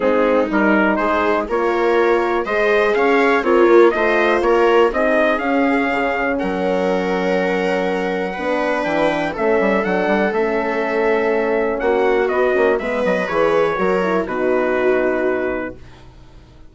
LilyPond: <<
  \new Staff \with { instrumentName = "trumpet" } { \time 4/4 \tempo 4 = 122 gis'4 ais'4 c''4 cis''4~ | cis''4 dis''4 f''4 cis''4 | dis''4 cis''4 dis''4 f''4~ | f''4 fis''2.~ |
fis''2 g''4 e''4 | fis''4 e''2. | fis''4 dis''4 e''8 dis''8 cis''4~ | cis''4 b'2. | }
  \new Staff \with { instrumentName = "viola" } { \time 4/4 dis'2 gis'4 ais'4~ | ais'4 c''4 cis''4 f'4 | c''4 ais'4 gis'2~ | gis'4 ais'2.~ |
ais'4 b'2 a'4~ | a'1 | fis'2 b'2 | ais'4 fis'2. | }
  \new Staff \with { instrumentName = "horn" } { \time 4/4 c'4 dis'2 f'4~ | f'4 gis'2 ais'4 | f'2 dis'4 cis'4~ | cis'1~ |
cis'4 d'2 cis'4 | d'4 cis'2.~ | cis'4 b8 cis'8 b4 gis'4 | fis'8 e'8 dis'2. | }
  \new Staff \with { instrumentName = "bassoon" } { \time 4/4 gis4 g4 gis4 ais4~ | ais4 gis4 cis'4 c'8 ais8 | a4 ais4 c'4 cis'4 | cis4 fis2.~ |
fis4 b4 e4 a8 g8 | fis8 g8 a2. | ais4 b8 ais8 gis8 fis8 e4 | fis4 b,2. | }
>>